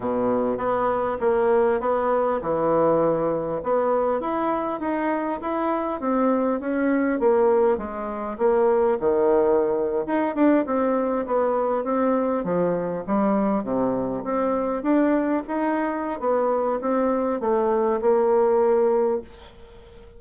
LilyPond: \new Staff \with { instrumentName = "bassoon" } { \time 4/4 \tempo 4 = 100 b,4 b4 ais4 b4 | e2 b4 e'4 | dis'4 e'4 c'4 cis'4 | ais4 gis4 ais4 dis4~ |
dis8. dis'8 d'8 c'4 b4 c'16~ | c'8. f4 g4 c4 c'16~ | c'8. d'4 dis'4~ dis'16 b4 | c'4 a4 ais2 | }